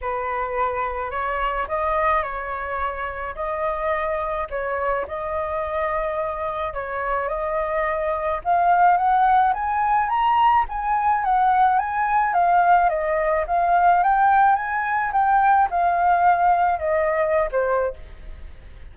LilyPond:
\new Staff \with { instrumentName = "flute" } { \time 4/4 \tempo 4 = 107 b'2 cis''4 dis''4 | cis''2 dis''2 | cis''4 dis''2. | cis''4 dis''2 f''4 |
fis''4 gis''4 ais''4 gis''4 | fis''4 gis''4 f''4 dis''4 | f''4 g''4 gis''4 g''4 | f''2 dis''4~ dis''16 c''8. | }